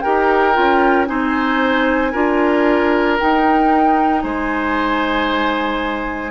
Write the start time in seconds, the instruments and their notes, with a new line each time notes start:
0.00 bassoon D#4, clarinet G4, oboe A#4, flute G5
0.54 bassoon C#4, clarinet F4
1.06 bassoon C4, clarinet D#4, oboe C5, flute G#5
2.12 bassoon D4, clarinet F4, oboe A#4
3.19 clarinet D#4, bassoon D#4, flute G5
4.22 bassoon G#3, oboe C5, flute G#5